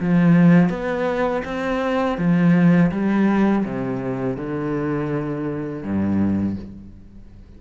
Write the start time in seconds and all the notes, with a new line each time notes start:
0.00 F3
0.69 B3
1.44 C4
2.18 F3
2.91 G3
3.65 C3
4.36 D3
5.83 G2